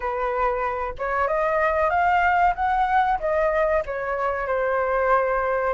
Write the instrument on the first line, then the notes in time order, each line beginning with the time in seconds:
flute
0.00 B4
0.98 C#5
1.27 D#5
1.90 F5
2.55 F#5
3.19 D#5
3.85 C#5
4.47 C5